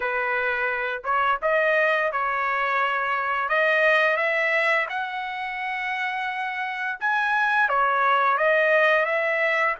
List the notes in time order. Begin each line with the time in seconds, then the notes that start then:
0.00 B4
1.04 C#5
1.42 D#5
2.12 C#5
3.49 D#5
4.16 E5
4.89 F#5
7.00 G#5
7.68 C#5
8.37 D#5
9.05 E5